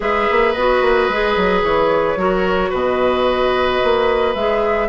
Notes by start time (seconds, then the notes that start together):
0.00 G#3 G#4 B4 E5
0.30 A#3
0.52 B3 F#4 D#5
0.81 A#3
1.08 G#3 G#4
1.36 F#3
1.63 E3 C#5
2.16 F#3 F#4 A#4
2.69 B2 B4 D#5
3.83 A#3
4.34 G#3 G#4 E5